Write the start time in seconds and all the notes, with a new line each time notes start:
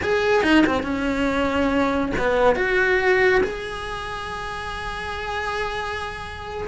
0.02 G#4
0.42 D#4
0.66 C4
0.82 C#4
2.18 B3
2.55 F#4
3.43 G#4